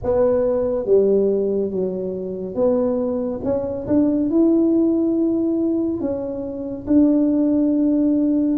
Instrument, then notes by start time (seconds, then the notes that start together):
tuba
0.03 B3
0.85 G3
1.71 F#3
2.54 B3
3.44 C#4
3.87 D4
4.29 E4
6.00 C#4
6.86 D4